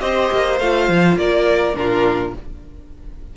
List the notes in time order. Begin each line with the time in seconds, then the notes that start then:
0.00 C4 G4 C5 D#5
0.32 A#3
0.59 A3 F4 F5
0.89 F3
1.16 A#3 A#4 D5
1.75 A#2 D4 F4 A#4